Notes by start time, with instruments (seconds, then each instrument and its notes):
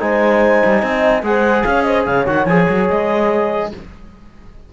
0.00 cello G#3, trombone D#4, horn C5, clarinet G#5
0.66 cello G3
0.83 cello C4, horn D#5
1.23 cello G#3, trombone G#4, horn C5, clarinet F#5
1.64 cello C#4, horn C#5, clarinet F5
1.82 horn C5, clarinet D#5
2.06 cello C#3, horn C#5, clarinet F5
2.26 cello D#3, trombone F#4, clarinet F#5
2.46 cello F3, trombone G#4, clarinet G#5
2.69 cello F#3
2.90 cello G#3, clarinet D#5